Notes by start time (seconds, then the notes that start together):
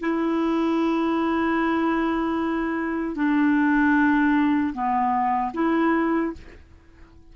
0.00 E4
3.15 D4
4.73 B3
5.53 E4